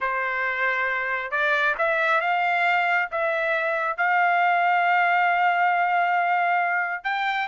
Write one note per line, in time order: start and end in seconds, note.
0.00 1.31 C5
1.31 1.75 D5
1.78 2.20 E5
2.20 3.09 F5
3.11 3.97 E5
3.97 7.04 F5
7.04 7.47 G5